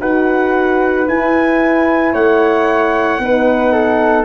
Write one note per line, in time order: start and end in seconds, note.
0.00 1.07 D#4
0.00 1.06 F#4
0.00 2.13 B4
0.00 1.08 F#5
1.06 3.21 E4
1.06 2.13 E4
1.06 2.14 G#5
2.13 3.19 A3
2.13 3.20 C#5
2.13 4.25 F#5
3.19 4.25 B3
3.19 4.25 D#4
3.19 3.72 B4
3.72 4.25 A4